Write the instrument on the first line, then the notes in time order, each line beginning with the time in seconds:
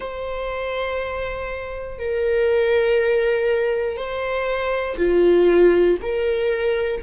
viola
0.00 C5
1.98 A#4
3.96 C5
4.97 F4
6.02 A#4